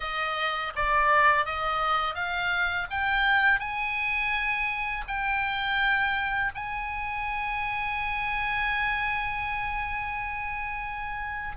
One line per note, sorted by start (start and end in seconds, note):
0.00 0.72 D#5
0.75 1.45 D5
1.45 2.14 D#5
2.14 2.87 F5
2.90 3.59 G5
3.59 5.04 G#5
5.07 6.52 G5
6.54 11.56 G#5